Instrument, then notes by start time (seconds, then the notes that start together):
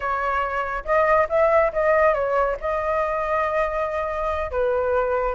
flute
0.00 C#5
0.84 D#5
1.29 E5
1.72 D#5
2.14 C#5
2.60 D#5
4.51 B4